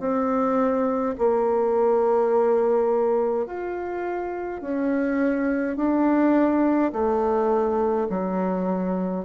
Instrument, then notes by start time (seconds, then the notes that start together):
bassoon
0.00 C4
1.18 A#3
3.47 F4
4.62 C#4
5.76 D4
6.93 A3
8.10 F#3